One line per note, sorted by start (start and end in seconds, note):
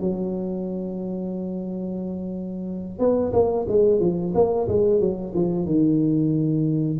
0.00 2.99 F#3
2.99 3.32 B3
3.33 3.66 A#3
3.68 4.00 G#3
4.00 4.33 F3
4.35 4.68 A#3
4.68 5.00 G#3
5.00 5.33 F#3
5.35 5.65 F3
5.65 6.98 D#3